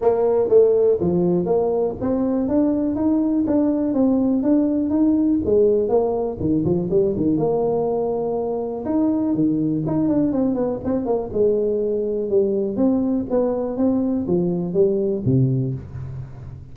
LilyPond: \new Staff \with { instrumentName = "tuba" } { \time 4/4 \tempo 4 = 122 ais4 a4 f4 ais4 | c'4 d'4 dis'4 d'4 | c'4 d'4 dis'4 gis4 | ais4 dis8 f8 g8 dis8 ais4~ |
ais2 dis'4 dis4 | dis'8 d'8 c'8 b8 c'8 ais8 gis4~ | gis4 g4 c'4 b4 | c'4 f4 g4 c4 | }